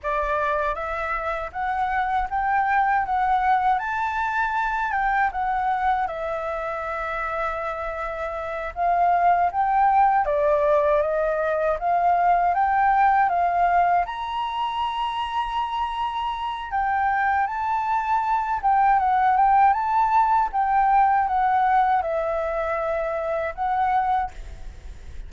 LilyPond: \new Staff \with { instrumentName = "flute" } { \time 4/4 \tempo 4 = 79 d''4 e''4 fis''4 g''4 | fis''4 a''4. g''8 fis''4 | e''2.~ e''8 f''8~ | f''8 g''4 d''4 dis''4 f''8~ |
f''8 g''4 f''4 ais''4.~ | ais''2 g''4 a''4~ | a''8 g''8 fis''8 g''8 a''4 g''4 | fis''4 e''2 fis''4 | }